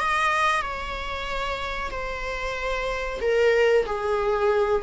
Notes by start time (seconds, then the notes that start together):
0.00 D#5
0.62 C#5
1.91 C5
3.22 A#4
3.87 G#4